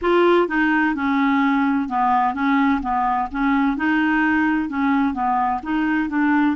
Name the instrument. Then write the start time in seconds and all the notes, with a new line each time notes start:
clarinet
0.01 F4
0.48 D#4
0.95 C#4
1.88 B3
2.34 C#4
2.82 B3
3.31 C#4
3.77 D#4
4.69 C#4
5.13 B3
5.62 D#4
6.09 D4